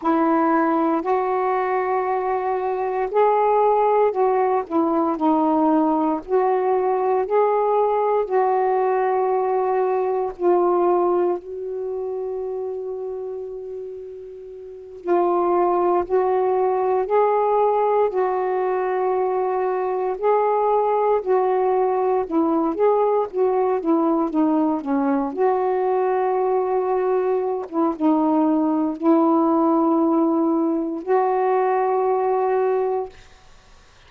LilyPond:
\new Staff \with { instrumentName = "saxophone" } { \time 4/4 \tempo 4 = 58 e'4 fis'2 gis'4 | fis'8 e'8 dis'4 fis'4 gis'4 | fis'2 f'4 fis'4~ | fis'2~ fis'8 f'4 fis'8~ |
fis'8 gis'4 fis'2 gis'8~ | gis'8 fis'4 e'8 gis'8 fis'8 e'8 dis'8 | cis'8 fis'2~ fis'16 e'16 dis'4 | e'2 fis'2 | }